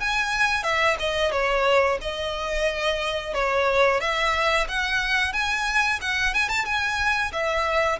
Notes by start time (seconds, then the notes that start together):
0.00 G#5
0.63 E5
0.99 D#5
1.32 C#5
2.01 D#5
3.34 C#5
4.00 E5
4.68 F#5
5.33 G#5
6.01 F#5
6.34 G#5
6.49 A5
6.65 G#5
7.32 E5